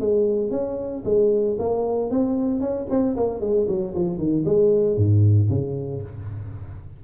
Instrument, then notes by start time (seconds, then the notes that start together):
tuba
0.00 G#3
0.51 C#4
1.05 G#3
1.59 A#3
2.10 C4
2.60 C#4
2.90 C4
3.16 A#3
3.40 G#3
3.68 F#3
3.94 F3
4.18 D#3
4.45 G#3
4.97 G#2
5.50 C#3